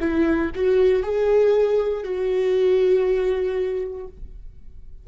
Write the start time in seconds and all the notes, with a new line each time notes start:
0.00 E4
0.55 F#4
1.03 G#4
2.04 F#4